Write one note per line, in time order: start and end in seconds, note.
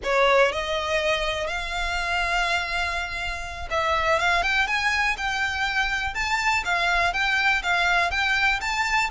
0.03 0.52 C#5
0.52 1.47 D#5
1.47 3.68 F5
3.70 4.19 E5
4.19 4.43 F5
4.43 4.67 G5
4.67 5.16 G#5
5.17 6.14 G5
6.14 6.63 A5
6.64 7.13 F5
7.13 7.62 G5
7.63 8.10 F5
8.10 8.59 G5
8.61 9.10 A5